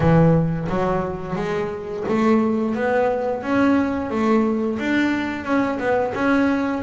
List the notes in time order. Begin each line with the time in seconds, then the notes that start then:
0.00 E3
0.69 F#3
1.35 G#3
2.08 A3
2.75 B3
3.42 C#4
4.10 A3
4.79 D4
5.44 C#4
5.79 B3
6.14 C#4